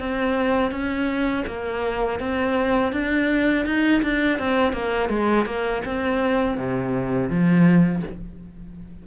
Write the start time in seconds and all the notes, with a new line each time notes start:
0.00 C4
0.72 C#4
1.47 A#3
2.20 C4
2.93 D4
3.66 D#4
4.03 D4
4.39 C4
4.73 A#3
5.10 G#3
5.46 A#3
5.85 C4
6.58 C3
7.30 F3